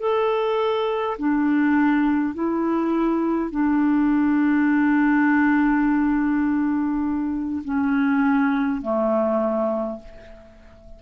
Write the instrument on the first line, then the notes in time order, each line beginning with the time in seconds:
clarinet
0.00 A4
1.19 D4
2.34 E4
3.51 D4
7.65 C#4
8.82 A3